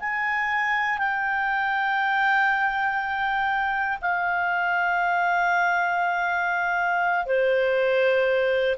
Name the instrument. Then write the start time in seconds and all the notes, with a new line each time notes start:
clarinet
0.00 G#5
0.98 G5
4.01 F5
7.25 C5